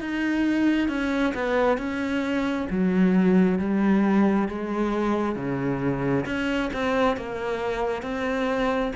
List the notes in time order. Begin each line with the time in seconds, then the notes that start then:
0.00 D#4
0.88 C#4
1.34 B3
1.77 C#4
2.69 F#3
3.58 G3
4.48 G#3
5.35 C#3
6.25 C#4
6.72 C4
7.16 A#3
8.02 C4